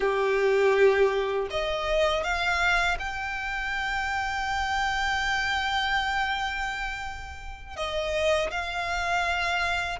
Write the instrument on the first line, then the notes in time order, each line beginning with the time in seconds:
violin
0.00 G4
1.50 D#5
2.23 F5
2.99 G5
7.76 D#5
8.51 F5